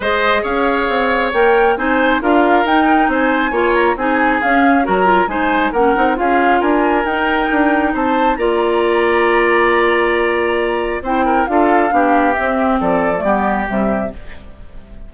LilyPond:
<<
  \new Staff \with { instrumentName = "flute" } { \time 4/4 \tempo 4 = 136 dis''4 f''2 g''4 | gis''4 f''4 g''4 gis''4~ | gis''8 ais''8 gis''4 f''4 ais''4 | gis''4 fis''4 f''4 gis''4 |
g''2 a''4 ais''4~ | ais''1~ | ais''4 g''4 f''2 | e''4 d''2 e''4 | }
  \new Staff \with { instrumentName = "oboe" } { \time 4/4 c''4 cis''2. | c''4 ais'2 c''4 | cis''4 gis'2 ais'4 | c''4 ais'4 gis'4 ais'4~ |
ais'2 c''4 d''4~ | d''1~ | d''4 c''8 ais'8 a'4 g'4~ | g'4 a'4 g'2 | }
  \new Staff \with { instrumentName = "clarinet" } { \time 4/4 gis'2. ais'4 | dis'4 f'4 dis'2 | f'4 dis'4 cis'4 fis'8 f'8 | dis'4 cis'8 dis'8 f'2 |
dis'2. f'4~ | f'1~ | f'4 e'4 f'4 d'4 | c'4.~ c'16 a16 b4 g4 | }
  \new Staff \with { instrumentName = "bassoon" } { \time 4/4 gis4 cis'4 c'4 ais4 | c'4 d'4 dis'4 c'4 | ais4 c'4 cis'4 fis4 | gis4 ais8 c'8 cis'4 d'4 |
dis'4 d'4 c'4 ais4~ | ais1~ | ais4 c'4 d'4 b4 | c'4 f4 g4 c4 | }
>>